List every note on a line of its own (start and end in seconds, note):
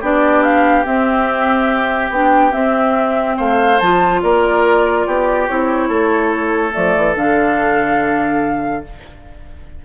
0.00 0.85 B3
0.00 0.84 D4
0.00 3.36 G4
0.00 0.42 D5
0.42 0.84 F5
0.84 2.10 C4
0.84 2.11 E5
2.10 2.52 B3
2.10 2.50 D4
2.10 2.52 G5
2.50 3.76 C4
2.50 3.37 C4
2.50 3.36 E5
3.36 3.80 A3
3.36 4.20 C5
3.36 3.79 F5
3.79 4.22 F3
3.79 5.49 F4
3.79 4.21 A5
4.22 5.06 A#3
4.22 5.06 A#4
4.22 5.47 D5
5.06 5.48 B3
5.06 5.88 G4
5.47 5.89 C4
5.47 6.71 E4
5.47 6.73 C#5
5.88 6.73 A3
5.88 8.82 A4
6.71 6.96 F3
6.71 7.13 A3
6.71 7.15 D5
6.96 7.15 E3
7.15 8.83 D3
7.15 8.84 D4
7.15 8.85 F5